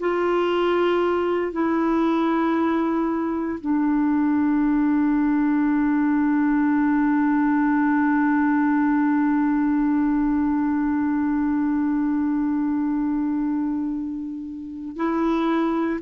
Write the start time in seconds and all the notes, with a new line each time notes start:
0.00 F4
1.52 E4
3.60 D4
14.96 E4